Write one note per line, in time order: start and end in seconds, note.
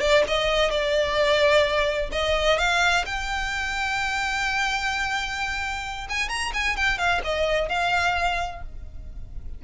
0.00 0.23 D5
0.27 0.70 D#5
0.70 2.10 D5
2.12 2.58 D#5
2.58 3.04 F5
3.05 6.08 G5
6.09 6.29 G#5
6.29 6.52 A#5
6.53 6.76 G#5
6.76 6.98 G5
6.98 7.21 F5
7.24 7.69 D#5
7.69 8.62 F5